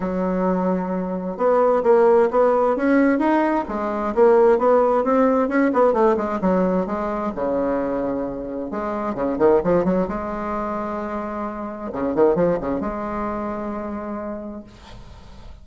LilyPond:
\new Staff \with { instrumentName = "bassoon" } { \time 4/4 \tempo 4 = 131 fis2. b4 | ais4 b4 cis'4 dis'4 | gis4 ais4 b4 c'4 | cis'8 b8 a8 gis8 fis4 gis4 |
cis2. gis4 | cis8 dis8 f8 fis8 gis2~ | gis2 cis8 dis8 f8 cis8 | gis1 | }